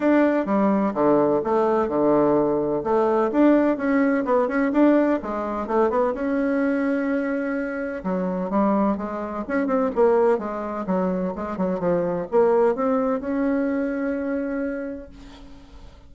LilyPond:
\new Staff \with { instrumentName = "bassoon" } { \time 4/4 \tempo 4 = 127 d'4 g4 d4 a4 | d2 a4 d'4 | cis'4 b8 cis'8 d'4 gis4 | a8 b8 cis'2.~ |
cis'4 fis4 g4 gis4 | cis'8 c'8 ais4 gis4 fis4 | gis8 fis8 f4 ais4 c'4 | cis'1 | }